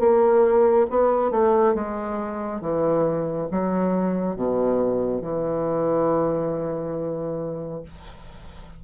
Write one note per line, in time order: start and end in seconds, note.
0.00 0.87 A#3
0.90 1.31 B3
1.31 1.75 A3
1.75 2.61 G#3
2.61 3.48 E3
3.52 4.36 F#3
4.36 5.22 B2
5.22 7.83 E3